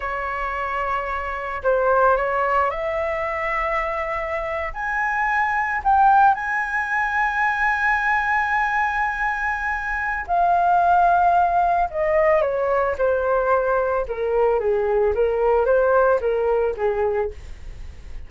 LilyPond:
\new Staff \with { instrumentName = "flute" } { \time 4/4 \tempo 4 = 111 cis''2. c''4 | cis''4 e''2.~ | e''8. gis''2 g''4 gis''16~ | gis''1~ |
gis''2. f''4~ | f''2 dis''4 cis''4 | c''2 ais'4 gis'4 | ais'4 c''4 ais'4 gis'4 | }